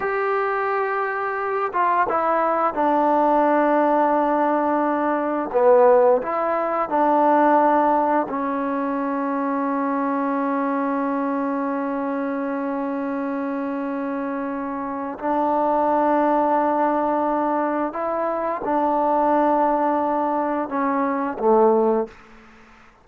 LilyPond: \new Staff \with { instrumentName = "trombone" } { \time 4/4 \tempo 4 = 87 g'2~ g'8 f'8 e'4 | d'1 | b4 e'4 d'2 | cis'1~ |
cis'1~ | cis'2 d'2~ | d'2 e'4 d'4~ | d'2 cis'4 a4 | }